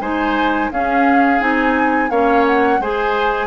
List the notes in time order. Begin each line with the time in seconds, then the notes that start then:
0.00 G#3 D#4 C5 G#5
0.71 C#4 G#4 F5
1.39 C4 D#4 G#5
2.10 A#3 C#4 C#5 F5
2.46 F#5
2.79 G#3 G#4 C5 G#5